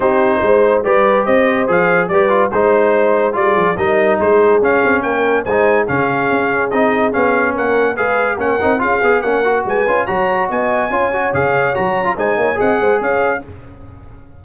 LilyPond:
<<
  \new Staff \with { instrumentName = "trumpet" } { \time 4/4 \tempo 4 = 143 c''2 d''4 dis''4 | f''4 d''4 c''2 | d''4 dis''4 c''4 f''4 | g''4 gis''4 f''2 |
dis''4 f''4 fis''4 f''4 | fis''4 f''4 fis''4 gis''4 | ais''4 gis''2 f''4 | ais''4 gis''4 fis''4 f''4 | }
  \new Staff \with { instrumentName = "horn" } { \time 4/4 g'4 c''4 b'4 c''4~ | c''4 b'4 c''2 | gis'4 ais'4 gis'2 | ais'4 c''4 gis'2~ |
gis'2 ais'4 b'4 | ais'4 gis'4 ais'4 b'4 | cis''4 dis''4 cis''2~ | cis''4 c''8 cis''8 dis''8 c''8 cis''4 | }
  \new Staff \with { instrumentName = "trombone" } { \time 4/4 dis'2 g'2 | gis'4 g'8 f'8 dis'2 | f'4 dis'2 cis'4~ | cis'4 dis'4 cis'2 |
dis'4 cis'2 gis'4 | cis'8 dis'8 f'8 gis'8 cis'8 fis'4 f'8 | fis'2 f'8 fis'8 gis'4 | fis'8. f'16 dis'4 gis'2 | }
  \new Staff \with { instrumentName = "tuba" } { \time 4/4 c'4 gis4 g4 c'4 | f4 g4 gis2 | g8 f8 g4 gis4 cis'8 c'8 | ais4 gis4 cis4 cis'4 |
c'4 b4 ais4 gis4 | ais8 c'8 cis'8 b8 ais4 gis8 cis'8 | fis4 b4 cis'4 cis4 | fis4 gis8 ais8 c'8 gis8 cis'4 | }
>>